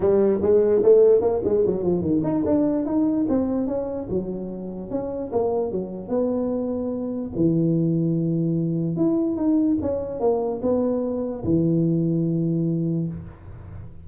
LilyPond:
\new Staff \with { instrumentName = "tuba" } { \time 4/4 \tempo 4 = 147 g4 gis4 a4 ais8 gis8 | fis8 f8 dis8 dis'8 d'4 dis'4 | c'4 cis'4 fis2 | cis'4 ais4 fis4 b4~ |
b2 e2~ | e2 e'4 dis'4 | cis'4 ais4 b2 | e1 | }